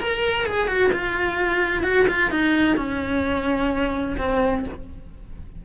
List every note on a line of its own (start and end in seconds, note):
0.00 0.46 A#4
0.46 0.68 G#4
0.68 0.91 F#4
0.92 1.83 F4
1.83 2.06 F#4
2.08 2.31 F4
2.31 2.77 D#4
2.77 4.16 C#4
4.18 4.65 C4